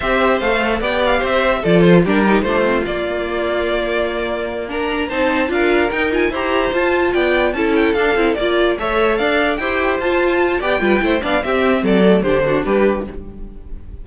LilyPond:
<<
  \new Staff \with { instrumentName = "violin" } { \time 4/4 \tempo 4 = 147 e''4 f''4 g''8 f''8 e''4 | d''8 c''8 ais'4 c''4 d''4~ | d''2.~ d''8 ais''8~ | ais''8 a''4 f''4 g''8 gis''8 ais''8~ |
ais''8 a''4 g''4 a''8 g''8 f''8~ | f''8 d''4 e''4 f''4 g''8~ | g''8 a''4. g''4. f''8 | e''4 d''4 c''4 b'4 | }
  \new Staff \with { instrumentName = "violin" } { \time 4/4 c''2 d''4 c''4 | a'4 g'4 f'2~ | f'2.~ f'8 ais'8~ | ais'8 c''4 ais'2 c''8~ |
c''4. d''4 a'4.~ | a'8 d''4 cis''4 d''4 c''8~ | c''2 d''8 b'8 c''8 d''8 | g'4 a'4 g'8 fis'8 g'4 | }
  \new Staff \with { instrumentName = "viola" } { \time 4/4 g'4 a'4 g'2 | f'4 d'8 dis'8 d'8 c'8 ais4~ | ais2.~ ais8 d'8~ | d'8 dis'4 f'4 dis'8 f'8 g'8~ |
g'8 f'2 e'4 d'8 | e'8 f'4 a'2 g'8~ | g'8 f'4. g'8 f'8 e'8 d'8 | c'4. a8 d'2 | }
  \new Staff \with { instrumentName = "cello" } { \time 4/4 c'4 a4 b4 c'4 | f4 g4 a4 ais4~ | ais1~ | ais8 c'4 d'4 dis'4 e'8~ |
e'8 f'4 b4 cis'4 d'8 | c'8 ais4 a4 d'4 e'8~ | e'8 f'4. b8 g8 a8 b8 | c'4 fis4 d4 g4 | }
>>